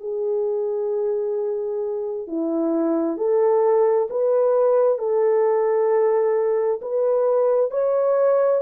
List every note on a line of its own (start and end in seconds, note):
0.00 2.27 G#4
2.27 3.17 E4
3.17 4.08 A4
4.10 4.99 B4
4.99 6.81 A4
6.82 7.71 B4
7.71 8.62 C#5